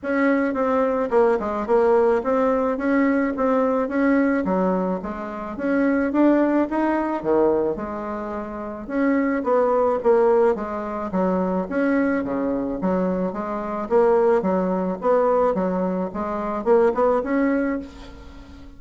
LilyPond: \new Staff \with { instrumentName = "bassoon" } { \time 4/4 \tempo 4 = 108 cis'4 c'4 ais8 gis8 ais4 | c'4 cis'4 c'4 cis'4 | fis4 gis4 cis'4 d'4 | dis'4 dis4 gis2 |
cis'4 b4 ais4 gis4 | fis4 cis'4 cis4 fis4 | gis4 ais4 fis4 b4 | fis4 gis4 ais8 b8 cis'4 | }